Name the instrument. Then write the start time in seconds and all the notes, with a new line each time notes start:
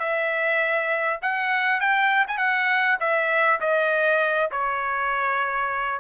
trumpet
0.00 E5
1.22 F#5
1.81 G5
2.28 G#5
2.38 F#5
3.01 E5
3.61 D#5
4.52 C#5